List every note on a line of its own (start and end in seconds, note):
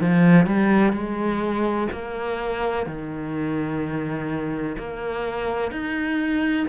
0.00 0.46 F3
0.46 0.92 G3
0.92 1.87 G#3
1.92 2.86 A#3
2.86 4.77 D#3
4.77 5.71 A#3
5.71 6.66 D#4